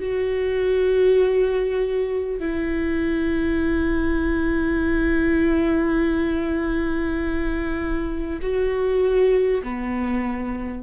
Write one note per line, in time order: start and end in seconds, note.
0.00 2.39 F#4
2.39 8.39 E4
8.42 9.62 F#4
9.63 10.83 B3